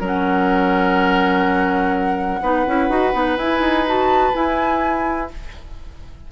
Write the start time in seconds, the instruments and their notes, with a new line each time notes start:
0.00 bassoon F#3, clarinet C#4, oboe A#4
0.06 flute F#5
2.42 bassoon B3, clarinet D#4, oboe B4
2.67 bassoon C#4, clarinet E4
2.89 bassoon D#4, clarinet F#4
3.13 bassoon B3, clarinet D#4
3.36 bassoon E4, clarinet E4, flute G#5
3.60 bassoon D#4
3.86 clarinet F#4, flute A5
4.33 clarinet E4, bassoon E4, flute G#5